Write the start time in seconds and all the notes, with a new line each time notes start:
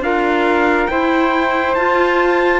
0.00 D4 F4 A#4 F5
0.87 E4 C5 G5
1.74 F4 A5